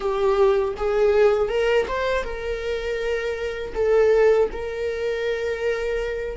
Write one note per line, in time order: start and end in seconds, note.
0.00 0.75 G4
0.76 1.48 G#4
1.48 1.86 A#4
1.87 2.23 C5
2.23 3.73 A#4
3.74 4.49 A4
4.51 6.37 A#4